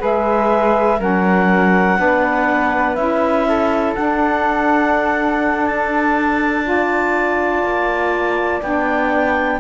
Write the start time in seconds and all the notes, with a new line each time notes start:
0.00 G#3 G#4 B4 E5
1.00 F#3 C#4 A#4 F#5
1.98 B3 D4 B4
2.95 C#4 E4 E5
3.49 A4
3.94 D4 F#5
5.67 A5
6.64 F4 D5
7.63 A#3
8.62 B3 D4 G5